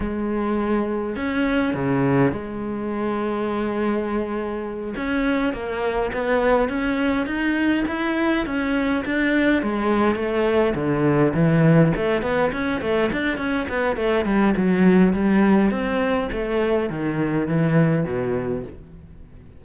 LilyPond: \new Staff \with { instrumentName = "cello" } { \time 4/4 \tempo 4 = 103 gis2 cis'4 cis4 | gis1~ | gis8 cis'4 ais4 b4 cis'8~ | cis'8 dis'4 e'4 cis'4 d'8~ |
d'8 gis4 a4 d4 e8~ | e8 a8 b8 cis'8 a8 d'8 cis'8 b8 | a8 g8 fis4 g4 c'4 | a4 dis4 e4 b,4 | }